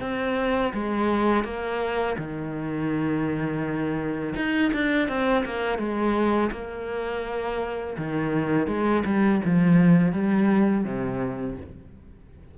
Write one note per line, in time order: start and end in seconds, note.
0.00 0.72 C4
0.73 1.44 G#3
1.44 2.16 A#3
2.17 4.34 D#3
4.36 4.72 D#4
4.73 5.08 D4
5.08 5.44 C4
5.45 5.78 A#3
5.78 6.50 G#3
6.51 7.96 A#3
7.97 8.67 D#3
8.67 9.03 G#3
9.05 9.41 G3
9.44 10.12 F3
10.12 10.84 G3
10.84 11.56 C3